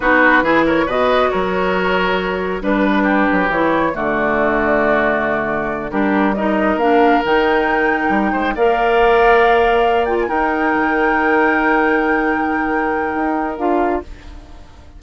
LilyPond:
<<
  \new Staff \with { instrumentName = "flute" } { \time 4/4 \tempo 4 = 137 b'4. cis''8 dis''4 cis''4~ | cis''2 b'2 | cis''4 d''2.~ | d''4. ais'4 dis''4 f''8~ |
f''8 g''2. f''8~ | f''2. g''16 gis''16 g''8~ | g''1~ | g''2. f''4 | }
  \new Staff \with { instrumentName = "oboe" } { \time 4/4 fis'4 gis'8 ais'8 b'4 ais'4~ | ais'2 b'4 g'4~ | g'4 fis'2.~ | fis'4. g'4 ais'4.~ |
ais'2. c''8 d''8~ | d''2.~ d''8 ais'8~ | ais'1~ | ais'1 | }
  \new Staff \with { instrumentName = "clarinet" } { \time 4/4 dis'4 e'4 fis'2~ | fis'2 d'2 | e'4 a2.~ | a4. d'4 dis'4 d'8~ |
d'8 dis'2. ais'8~ | ais'2. f'8 dis'8~ | dis'1~ | dis'2. f'4 | }
  \new Staff \with { instrumentName = "bassoon" } { \time 4/4 b4 e4 b,4 fis4~ | fis2 g4. fis8 | e4 d2.~ | d4. g2 ais8~ |
ais8 dis2 g8 gis8 ais8~ | ais2.~ ais8 dis'8~ | dis'8 dis2.~ dis8~ | dis2 dis'4 d'4 | }
>>